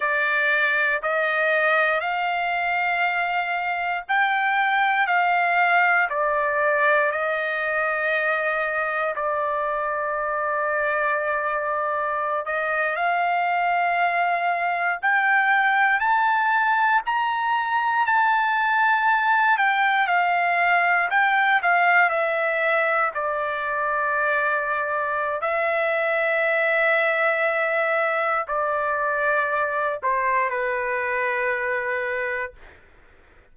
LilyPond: \new Staff \with { instrumentName = "trumpet" } { \time 4/4 \tempo 4 = 59 d''4 dis''4 f''2 | g''4 f''4 d''4 dis''4~ | dis''4 d''2.~ | d''16 dis''8 f''2 g''4 a''16~ |
a''8. ais''4 a''4. g''8 f''16~ | f''8. g''8 f''8 e''4 d''4~ d''16~ | d''4 e''2. | d''4. c''8 b'2 | }